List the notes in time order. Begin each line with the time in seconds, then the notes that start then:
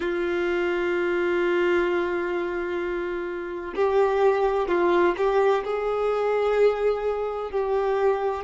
0.00 F4
3.75 G4
4.67 F4
5.17 G4
5.64 G#4
7.51 G4